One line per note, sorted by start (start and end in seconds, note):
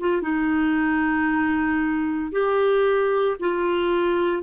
0.00 0.22 F4
0.22 2.32 D#4
2.32 3.37 G4
3.40 4.43 F4